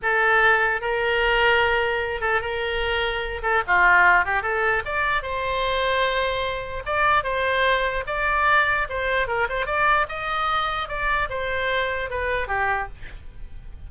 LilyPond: \new Staff \with { instrumentName = "oboe" } { \time 4/4 \tempo 4 = 149 a'2 ais'2~ | ais'4. a'8 ais'2~ | ais'8 a'8 f'4. g'8 a'4 | d''4 c''2.~ |
c''4 d''4 c''2 | d''2 c''4 ais'8 c''8 | d''4 dis''2 d''4 | c''2 b'4 g'4 | }